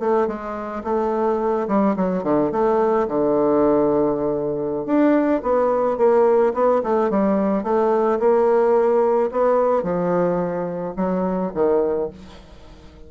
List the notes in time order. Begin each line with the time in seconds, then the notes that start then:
0.00 A3
0.27 G#3
0.84 A3
1.68 G3
1.96 F#3
2.23 D3
2.52 A3
3.08 D3
4.86 D4
5.43 B3
5.98 A#3
6.54 B3
6.84 A3
7.11 G3
7.64 A3
8.19 A#3
9.32 B3
9.83 F3
10.96 F#3
11.55 D#3